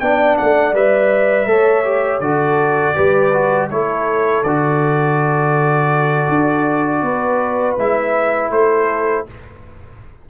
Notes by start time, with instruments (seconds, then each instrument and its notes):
0.00 tuba B3, trombone D4, horn D5, trumpet G5
0.38 tuba A3, trumpet F#5
0.73 tuba G3, trombone B4, trumpet E5
1.46 tuba A3, trombone A4, horn C#5
1.85 trombone G4
2.20 tuba D3, trombone F#4, horn A4, trumpet D5
2.95 tuba G3, trombone G4, horn B4
3.34 trombone F#4
3.71 tuba A3, trombone E4, horn A4, trumpet C#5
4.43 tuba D3, trombone F#4, trumpet D5
6.29 tuba D4
7.03 tuba B3, horn B4
7.78 tuba G#3, trombone E4, trumpet E5
8.50 tuba A3, horn A4, trumpet C5